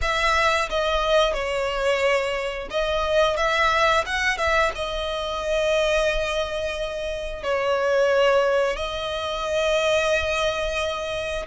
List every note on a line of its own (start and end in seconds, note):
0.01 0.69 E5
0.69 1.33 D#5
1.33 2.68 C#5
2.70 3.36 D#5
3.36 4.04 E5
4.06 4.37 F#5
4.37 4.71 E5
4.75 7.43 D#5
7.43 8.76 C#5
8.76 11.46 D#5